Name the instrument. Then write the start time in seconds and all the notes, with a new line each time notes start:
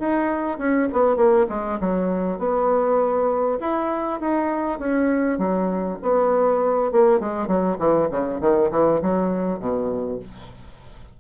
bassoon
0.00 D#4
0.58 C#4
0.93 B3
1.16 A#3
1.49 G#3
1.81 F#3
2.39 B3
3.61 E4
4.21 D#4
4.79 C#4
5.38 F#3
6.03 B3
6.92 A#3
7.20 G#3
7.48 F#3
7.79 E3
8.11 C#3
8.41 D#3
8.71 E3
9.02 F#3
9.60 B2